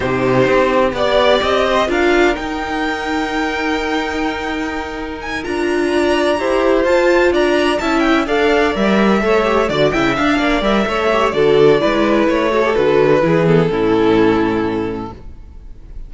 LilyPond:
<<
  \new Staff \with { instrumentName = "violin" } { \time 4/4 \tempo 4 = 127 c''2 d''4 dis''4 | f''4 g''2.~ | g''2. gis''8 ais''8~ | ais''2~ ais''8 a''4 ais''8~ |
ais''8 a''8 g''8 f''4 e''4.~ | e''8 d''8 g''8 f''4 e''4. | d''2 cis''4 b'4~ | b'8 a'2.~ a'8 | }
  \new Staff \with { instrumentName = "violin" } { \time 4/4 g'2 d''4. c''8 | ais'1~ | ais'1~ | ais'8 d''4 c''2 d''8~ |
d''8 e''4 d''2 cis''8~ | cis''8 d''8 e''4 d''4 cis''4 | a'4 b'4. a'4. | gis'4 e'2. | }
  \new Staff \with { instrumentName = "viola" } { \time 4/4 dis'2 g'2 | f'4 dis'2.~ | dis'2.~ dis'8 f'8~ | f'4. g'4 f'4.~ |
f'8 e'4 a'4 ais'4 a'8 | g'8 fis'8 e'8 d'4 ais'8 a'8 g'8 | fis'4 e'4. fis'16 g'16 fis'4 | e'8 b8 cis'2. | }
  \new Staff \with { instrumentName = "cello" } { \time 4/4 c4 c'4 b4 c'4 | d'4 dis'2.~ | dis'2.~ dis'8 d'8~ | d'4. e'4 f'4 d'8~ |
d'8 cis'4 d'4 g4 a8~ | a8 d8 cis8 d'8 ais8 g8 a4 | d4 gis4 a4 d4 | e4 a,2. | }
>>